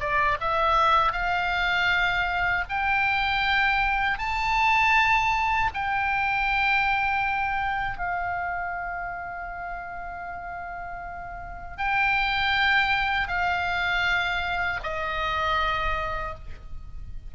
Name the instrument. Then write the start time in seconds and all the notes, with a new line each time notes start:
oboe
0.00 D5
0.40 E5
1.13 F5
2.70 G5
4.18 A5
5.74 G5
7.98 F5
11.78 G5
13.28 F5
14.83 D#5